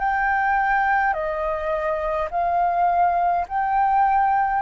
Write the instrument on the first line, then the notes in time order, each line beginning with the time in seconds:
flute
0.00 G5
1.14 D#5
2.31 F5
3.49 G5